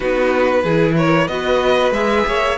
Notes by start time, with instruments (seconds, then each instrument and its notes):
0.00 cello B3, viola D#4, violin F#4 B4
0.63 cello E3, viola E4, violin G#4
0.97 violin A#4 C#5
1.27 cello B3, viola F#4, violin B4 D#5
1.91 cello G#3, viola G#4, violin E5
2.27 cello A#3, violin C#5